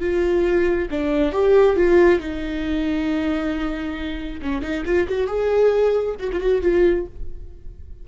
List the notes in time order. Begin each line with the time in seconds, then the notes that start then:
0.00 F4
0.90 D4
1.32 G4
1.76 F4
2.20 D#4
4.41 C#4
4.61 D#4
4.85 F4
5.08 F#4
5.27 G#4
6.19 F#4
6.32 F4
6.40 F#4
6.62 F4